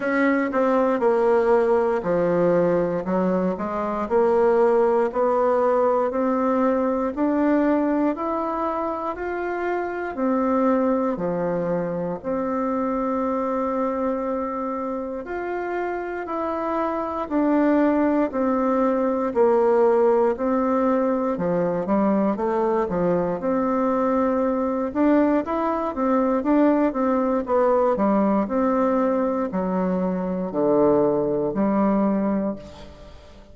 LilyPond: \new Staff \with { instrumentName = "bassoon" } { \time 4/4 \tempo 4 = 59 cis'8 c'8 ais4 f4 fis8 gis8 | ais4 b4 c'4 d'4 | e'4 f'4 c'4 f4 | c'2. f'4 |
e'4 d'4 c'4 ais4 | c'4 f8 g8 a8 f8 c'4~ | c'8 d'8 e'8 c'8 d'8 c'8 b8 g8 | c'4 fis4 d4 g4 | }